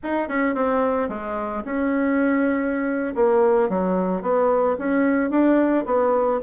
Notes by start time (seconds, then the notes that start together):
0.03 D#4
0.28 C#4
0.55 C4
1.08 G#3
1.64 C#4
3.15 A#3
3.69 F#3
4.22 B3
4.78 C#4
5.30 D4
5.85 B3